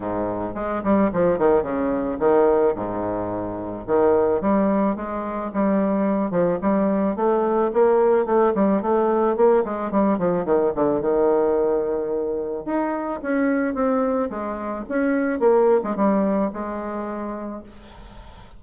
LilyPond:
\new Staff \with { instrumentName = "bassoon" } { \time 4/4 \tempo 4 = 109 gis,4 gis8 g8 f8 dis8 cis4 | dis4 gis,2 dis4 | g4 gis4 g4. f8 | g4 a4 ais4 a8 g8 |
a4 ais8 gis8 g8 f8 dis8 d8 | dis2. dis'4 | cis'4 c'4 gis4 cis'4 | ais8. gis16 g4 gis2 | }